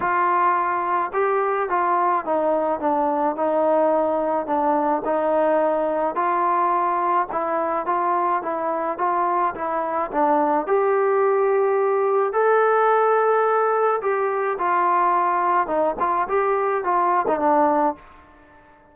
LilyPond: \new Staff \with { instrumentName = "trombone" } { \time 4/4 \tempo 4 = 107 f'2 g'4 f'4 | dis'4 d'4 dis'2 | d'4 dis'2 f'4~ | f'4 e'4 f'4 e'4 |
f'4 e'4 d'4 g'4~ | g'2 a'2~ | a'4 g'4 f'2 | dis'8 f'8 g'4 f'8. dis'16 d'4 | }